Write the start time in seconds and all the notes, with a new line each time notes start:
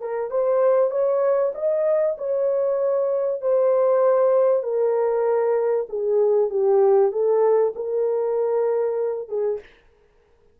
0.00 A#4
0.31 C5
0.91 C#5
1.55 D#5
2.18 C#5
3.41 C5
4.63 A#4
5.89 G#4
6.50 G4
7.12 A4
7.75 A#4
9.29 G#4